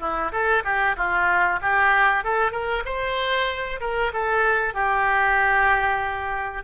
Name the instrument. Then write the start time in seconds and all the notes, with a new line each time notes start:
oboe
0.00 E4
0.32 A4
0.65 G4
0.96 F4
1.62 G4
2.24 A4
2.52 A#4
2.85 C5
3.81 A#4
4.13 A4
4.74 G4